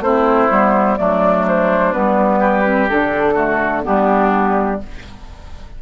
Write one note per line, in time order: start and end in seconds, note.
0.00 0.48 A3
0.00 0.49 C4
0.00 0.99 E4
0.00 0.97 C5
0.49 0.98 G3
0.49 0.97 B3
0.97 1.94 F#3
0.97 1.92 A3
0.97 2.39 D4
0.97 1.44 D5
1.48 1.92 C5
1.92 2.90 G3
1.92 2.64 B3
1.92 2.88 B4
2.39 3.34 G4
2.64 2.88 C4
2.89 3.86 D3
2.89 3.35 D4
2.89 3.84 A4
3.34 3.82 A3
3.34 3.82 F#4
3.82 4.82 G3
3.82 4.78 B3
3.82 4.81 D4
3.82 4.80 G4